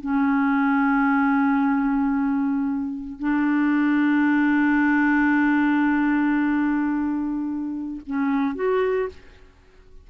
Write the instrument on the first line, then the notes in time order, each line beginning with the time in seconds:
clarinet
0.00 C#4
3.19 D4
8.06 C#4
8.55 F#4